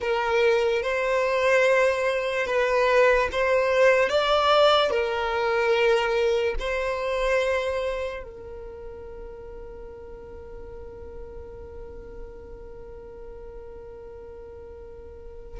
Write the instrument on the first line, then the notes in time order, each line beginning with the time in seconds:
violin
0.00 A#4
0.82 C5
2.46 B4
3.32 C5
4.09 D5
4.90 A#4
6.59 C5
8.23 A#4